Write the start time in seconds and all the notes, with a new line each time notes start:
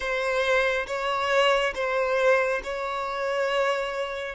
0.00 C5
0.86 C#5
1.74 C5
2.63 C#5